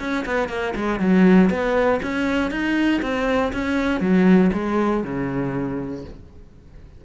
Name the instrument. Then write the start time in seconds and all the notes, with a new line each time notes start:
cello
0.00 C#4
0.26 B3
0.50 A#3
0.76 G#3
1.00 F#3
1.50 B3
2.03 C#4
2.51 D#4
3.02 C4
3.53 C#4
4.01 F#3
4.54 G#3
5.04 C#3